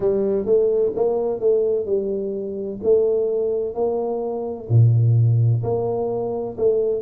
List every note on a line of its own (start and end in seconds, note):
0.00 0.45 G3
0.45 0.92 A3
0.95 1.39 A#3
1.39 1.85 A3
1.85 2.79 G3
2.83 3.74 A3
3.74 4.68 A#3
4.69 5.62 A#2
5.62 6.56 A#3
6.57 7.01 A3